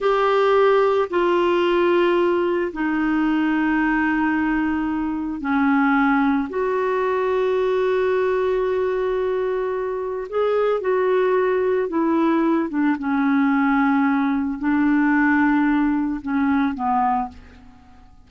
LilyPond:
\new Staff \with { instrumentName = "clarinet" } { \time 4/4 \tempo 4 = 111 g'2 f'2~ | f'4 dis'2.~ | dis'2 cis'2 | fis'1~ |
fis'2. gis'4 | fis'2 e'4. d'8 | cis'2. d'4~ | d'2 cis'4 b4 | }